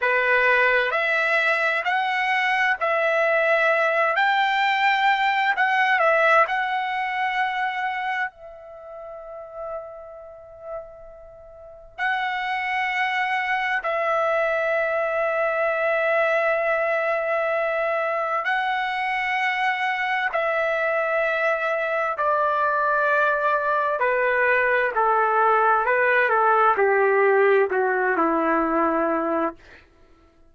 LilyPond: \new Staff \with { instrumentName = "trumpet" } { \time 4/4 \tempo 4 = 65 b'4 e''4 fis''4 e''4~ | e''8 g''4. fis''8 e''8 fis''4~ | fis''4 e''2.~ | e''4 fis''2 e''4~ |
e''1 | fis''2 e''2 | d''2 b'4 a'4 | b'8 a'8 g'4 fis'8 e'4. | }